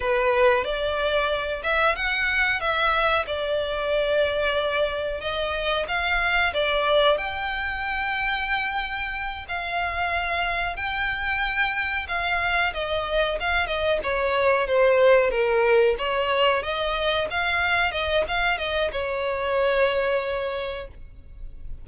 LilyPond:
\new Staff \with { instrumentName = "violin" } { \time 4/4 \tempo 4 = 92 b'4 d''4. e''8 fis''4 | e''4 d''2. | dis''4 f''4 d''4 g''4~ | g''2~ g''8 f''4.~ |
f''8 g''2 f''4 dis''8~ | dis''8 f''8 dis''8 cis''4 c''4 ais'8~ | ais'8 cis''4 dis''4 f''4 dis''8 | f''8 dis''8 cis''2. | }